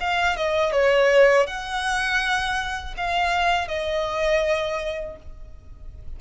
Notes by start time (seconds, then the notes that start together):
0.00 F5
0.37 D#5
0.72 C#5
1.46 F#5
2.97 F5
3.68 D#5